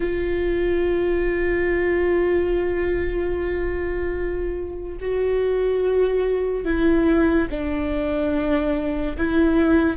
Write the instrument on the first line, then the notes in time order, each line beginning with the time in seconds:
viola
0.00 F4
5.00 F#4
6.64 E4
7.50 D4
9.17 E4